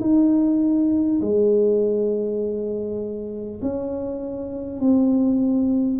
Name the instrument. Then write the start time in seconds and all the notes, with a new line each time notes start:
tuba
0.00 D#4
1.21 G#3
3.62 C#4
4.80 C4